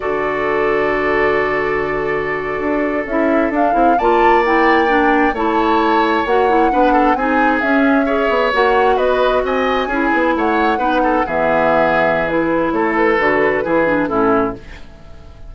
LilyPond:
<<
  \new Staff \with { instrumentName = "flute" } { \time 4/4 \tempo 4 = 132 d''1~ | d''2~ d''8. e''4 f''16~ | f''8. a''4 g''2 a''16~ | a''4.~ a''16 fis''2 gis''16~ |
gis''8. e''2 fis''4 dis''16~ | dis''8. gis''2 fis''4~ fis''16~ | fis''8. e''2~ e''16 b'4 | cis''8 b'2~ b'8 a'4 | }
  \new Staff \with { instrumentName = "oboe" } { \time 4/4 a'1~ | a'1~ | a'8. d''2. cis''16~ | cis''2~ cis''8. b'8 a'8 gis'16~ |
gis'4.~ gis'16 cis''2 b'16~ | b'8. dis''4 gis'4 cis''4 b'16~ | b'16 a'8 gis'2.~ gis'16 | a'2 gis'4 e'4 | }
  \new Staff \with { instrumentName = "clarinet" } { \time 4/4 fis'1~ | fis'2~ fis'8. e'4 d'16~ | d'16 e'8 f'4 e'4 d'4 e'16~ | e'4.~ e'16 fis'8 e'8 d'4 dis'16~ |
dis'8. cis'4 gis'4 fis'4~ fis'16~ | fis'4.~ fis'16 e'2 dis'16~ | dis'8. b2~ b16 e'4~ | e'4 fis'4 e'8 d'8 cis'4 | }
  \new Staff \with { instrumentName = "bassoon" } { \time 4/4 d1~ | d4.~ d16 d'4 cis'4 d'16~ | d'16 c'8 ais2. a16~ | a4.~ a16 ais4 b4 c'16~ |
c'8. cis'4. b8 ais4 b16~ | b8. c'4 cis'8 b8 a4 b16~ | b8. e2.~ e16 | a4 d4 e4 a,4 | }
>>